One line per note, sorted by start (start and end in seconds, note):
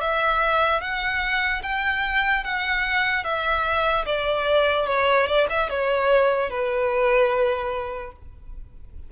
0.00 0.81 E5
0.81 1.62 F#5
1.63 2.44 G5
2.44 3.24 F#5
3.24 4.05 E5
4.05 4.86 D5
4.86 5.27 C#5
5.27 5.47 D5
5.49 5.69 E5
5.69 6.50 C#5
6.50 8.12 B4